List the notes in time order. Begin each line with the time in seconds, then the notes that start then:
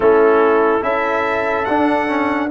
0.00 A3 C#4 E4 A4
0.81 C#4 E4 A4 E5
1.65 D4 F#5
2.07 C#4